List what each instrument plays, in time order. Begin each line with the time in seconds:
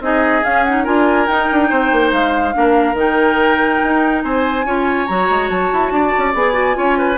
0.00 bassoon C4, clarinet D#4, oboe G#4, flute D#5
0.43 clarinet C#4, bassoon C#4, flute F5
0.63 clarinet D#4, flute F#5
0.84 bassoon D4, clarinet F4, oboe A#4, flute G#5
1.27 clarinet D#4, bassoon D#4, flute G5
1.52 bassoon D4
1.69 bassoon C4, oboe C5
1.92 bassoon A#3
2.12 bassoon G#3, flute F5
2.53 bassoon A#3, clarinet D4, oboe A#4
2.93 bassoon D#3, clarinet D#4, flute G5
3.83 bassoon D#4
4.23 bassoon C4, oboe C5, flute G#5
4.65 bassoon C#4, clarinet F4, oboe C#5
5.07 bassoon F#3, clarinet F#4, flute A#5
5.30 bassoon G#3
5.49 bassoon F#3, flute A5
5.73 bassoon E4
5.91 bassoon D4, oboe D5
6.18 bassoon C#4
6.34 bassoon B3, clarinet G#4, flute G#5
6.53 clarinet F#4
6.74 bassoon C#4, clarinet F4, oboe C#5
6.98 oboe B4